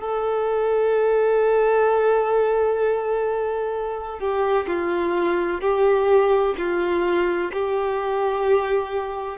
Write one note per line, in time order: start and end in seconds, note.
0.00 4.19 A4
4.19 4.66 G4
4.67 5.61 F4
5.61 6.55 G4
6.58 7.52 F4
7.53 9.37 G4